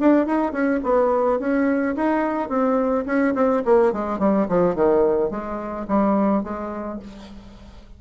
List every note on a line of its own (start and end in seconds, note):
0.00 0.26 D4
0.26 0.52 D#4
0.52 0.80 C#4
0.84 1.40 B3
1.40 1.96 C#4
1.96 2.49 D#4
2.49 3.05 C4
3.06 3.34 C#4
3.35 3.63 C4
3.65 3.93 A#3
3.93 4.19 G#3
4.19 4.47 G3
4.49 4.75 F3
4.75 5.31 D#3
5.31 5.87 G#3
5.88 6.44 G3
6.44 7.00 G#3